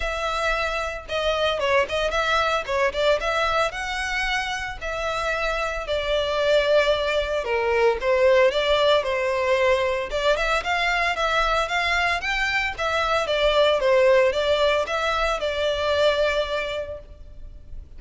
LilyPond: \new Staff \with { instrumentName = "violin" } { \time 4/4 \tempo 4 = 113 e''2 dis''4 cis''8 dis''8 | e''4 cis''8 d''8 e''4 fis''4~ | fis''4 e''2 d''4~ | d''2 ais'4 c''4 |
d''4 c''2 d''8 e''8 | f''4 e''4 f''4 g''4 | e''4 d''4 c''4 d''4 | e''4 d''2. | }